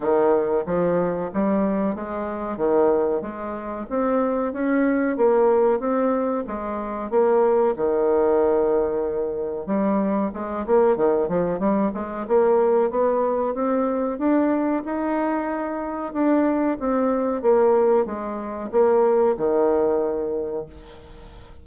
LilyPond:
\new Staff \with { instrumentName = "bassoon" } { \time 4/4 \tempo 4 = 93 dis4 f4 g4 gis4 | dis4 gis4 c'4 cis'4 | ais4 c'4 gis4 ais4 | dis2. g4 |
gis8 ais8 dis8 f8 g8 gis8 ais4 | b4 c'4 d'4 dis'4~ | dis'4 d'4 c'4 ais4 | gis4 ais4 dis2 | }